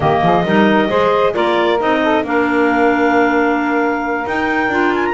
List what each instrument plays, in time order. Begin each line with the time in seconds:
0.00 double bass D#3, clarinet A#3 D#5, saxophone G4
0.21 double bass F3, saxophone G#4
0.44 double bass G3, clarinet D#4, saxophone A#4
0.88 double bass G#3, clarinet G#4, saxophone C5
1.33 double bass A#3, clarinet F4 D5, saxophone A#4
1.79 double bass C4, clarinet D#4 D#5
2.03 saxophone A4
2.23 double bass A#3, clarinet D4 F5, saxophone A#4
4.26 double bass D#4, clarinet D#4 G5
4.67 double bass D4, clarinet F4
4.94 clarinet G#5
5.05 clarinet A#5